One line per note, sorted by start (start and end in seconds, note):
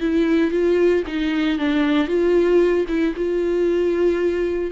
0.00 0.51 E4
0.51 1.03 F4
1.07 1.59 D#4
1.59 2.07 D4
2.07 2.85 F4
2.88 3.14 E4
3.16 4.71 F4